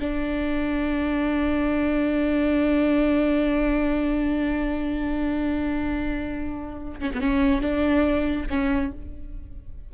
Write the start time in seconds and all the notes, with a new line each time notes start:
0.00 D4
7.00 C#4
7.14 B3
7.20 C#4
7.61 D4
8.49 C#4